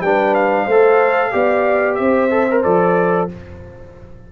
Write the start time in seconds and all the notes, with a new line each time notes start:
0.00 G3 D4 B4 G5
0.34 F5
0.65 A3 A4 C5
1.32 B3 G4 D5
1.95 C4 E5
2.01 C5
2.30 A4
2.50 A#4
2.63 F3 A4 D5